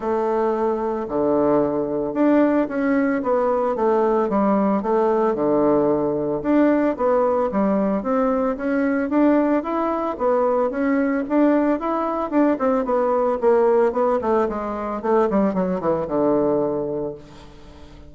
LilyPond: \new Staff \with { instrumentName = "bassoon" } { \time 4/4 \tempo 4 = 112 a2 d2 | d'4 cis'4 b4 a4 | g4 a4 d2 | d'4 b4 g4 c'4 |
cis'4 d'4 e'4 b4 | cis'4 d'4 e'4 d'8 c'8 | b4 ais4 b8 a8 gis4 | a8 g8 fis8 e8 d2 | }